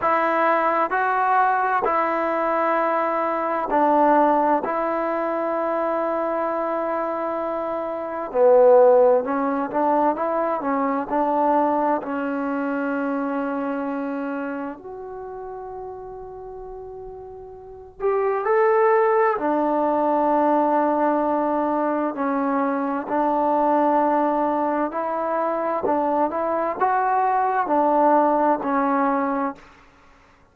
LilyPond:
\new Staff \with { instrumentName = "trombone" } { \time 4/4 \tempo 4 = 65 e'4 fis'4 e'2 | d'4 e'2.~ | e'4 b4 cis'8 d'8 e'8 cis'8 | d'4 cis'2. |
fis'2.~ fis'8 g'8 | a'4 d'2. | cis'4 d'2 e'4 | d'8 e'8 fis'4 d'4 cis'4 | }